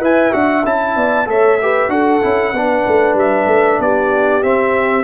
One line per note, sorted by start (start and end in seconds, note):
0.00 0.32 E4
0.00 0.32 B4
0.00 0.95 E5
0.00 0.33 G#5
0.32 0.64 D4
0.32 0.63 F#4
0.32 0.64 F#5
0.64 0.95 C#4
0.64 1.26 E4
0.64 1.29 A5
0.96 1.27 B3
0.96 1.28 D5
1.26 1.88 A3
1.26 1.58 A4
1.26 1.61 C#5
1.26 1.90 E5
1.62 1.89 G4
1.62 1.91 B4
1.88 2.20 D4
1.88 2.20 F#4
1.88 2.54 A4
1.88 3.16 F#5
2.21 2.53 C#4
2.21 2.53 E4
2.53 2.84 B3
2.53 4.42 D4
2.53 3.82 B4
2.87 3.14 A3
3.14 3.45 G3
3.14 3.81 E5
3.46 3.78 A3
3.79 4.42 B3
3.79 5.04 G4
3.79 4.43 D5
4.42 5.04 C4
4.42 5.04 E5